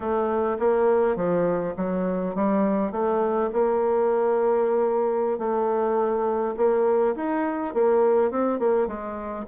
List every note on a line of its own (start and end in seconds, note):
0.00 0.57 A3
0.59 1.15 A#3
1.15 1.74 F3
1.76 2.35 F#3
2.35 2.91 G3
2.91 3.50 A3
3.52 5.38 A#3
5.38 6.55 A3
6.57 7.15 A#3
7.15 7.73 D#4
7.74 8.30 A#3
8.30 8.59 C4
8.59 8.87 A#3
8.87 9.45 G#3